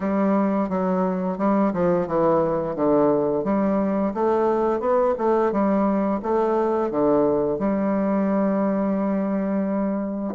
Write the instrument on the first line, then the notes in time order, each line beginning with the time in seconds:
bassoon
0.00 G3
0.69 F#3
1.38 G3
1.73 F3
2.07 E3
2.75 D3
3.44 G3
4.13 A3
4.79 B3
5.18 A3
5.52 G3
6.22 A3
6.90 D3
7.59 G3